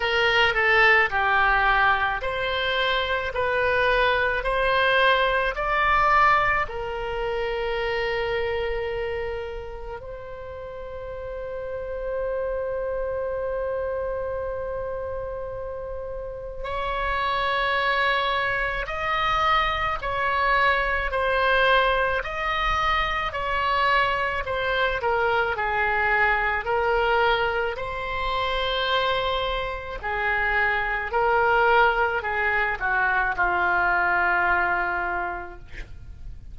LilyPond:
\new Staff \with { instrumentName = "oboe" } { \time 4/4 \tempo 4 = 54 ais'8 a'8 g'4 c''4 b'4 | c''4 d''4 ais'2~ | ais'4 c''2.~ | c''2. cis''4~ |
cis''4 dis''4 cis''4 c''4 | dis''4 cis''4 c''8 ais'8 gis'4 | ais'4 c''2 gis'4 | ais'4 gis'8 fis'8 f'2 | }